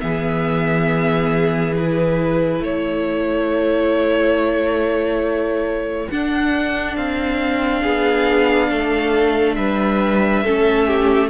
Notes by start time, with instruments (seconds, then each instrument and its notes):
0.00 cello E3, viola B3, violin G#4 E5
1.76 viola E4, violin B4
2.60 cello A3, violin A4 C#5
6.10 viola D4, cello D4, violin F#5
6.96 cello C4, violin F5
7.82 cello B3, violin G#4
8.70 cello A3, violin A4
9.55 cello G3, violin B4 E5
10.44 cello A3, viola C#4, violin A4
10.86 violin G4